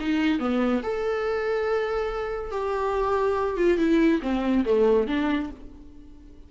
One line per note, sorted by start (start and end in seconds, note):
0.00 0.39 D#4
0.39 0.82 B3
0.83 2.51 A4
2.51 3.57 G4
3.57 3.78 F4
3.78 4.21 E4
4.22 4.65 C4
4.65 5.07 A3
5.07 5.50 D4